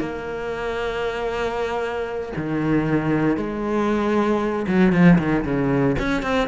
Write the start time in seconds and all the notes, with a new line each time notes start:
0.00 A#3
2.37 D#3
3.37 G#3
4.68 F#3
4.93 F3
5.19 D#3
5.45 C#3
5.99 C#4
6.23 C4